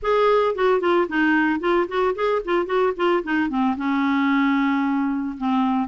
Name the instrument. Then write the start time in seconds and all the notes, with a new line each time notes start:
clarinet
0.02 G#4
0.55 F#4
0.80 F4
1.08 D#4
1.59 F4
1.87 F#4
2.15 G#4
2.44 F4
2.65 F#4
2.96 F4
3.23 D#4
3.49 C4
3.76 C#4
5.37 C4